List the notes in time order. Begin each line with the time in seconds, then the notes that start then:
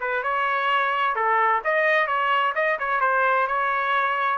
0.00 B4
0.23 C#5
1.15 A4
1.64 D#5
2.07 C#5
2.55 D#5
2.79 C#5
3.01 C5
3.47 C#5